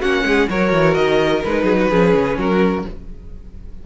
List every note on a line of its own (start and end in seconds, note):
0.00 0.23 A#3
0.00 0.49 C#4
0.00 0.24 F#4
0.00 0.48 F#5
0.23 0.47 G#3
0.23 0.49 G#4
0.49 0.72 F#3
0.49 1.44 F#4
0.49 1.64 A#4
0.49 0.94 C#5
0.72 0.96 E3
0.94 1.43 D#3
0.94 1.41 D#5
1.44 1.63 G#3
1.44 1.91 D#4
1.44 2.38 B4
1.63 1.87 F#3
1.63 1.75 G#4
1.79 1.89 F#4
1.89 2.14 F3
1.89 2.86 C#4
1.89 2.37 G#4
2.14 2.37 C#3
2.37 2.84 F#3
2.37 2.86 F#4
2.37 2.86 A#4